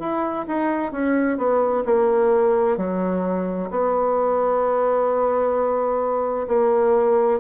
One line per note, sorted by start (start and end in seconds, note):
0.00 0.46 E4
0.48 0.92 D#4
0.92 1.38 C#4
1.38 1.84 B3
1.85 2.78 A#3
2.78 3.70 F#3
3.71 6.48 B3
6.48 7.40 A#3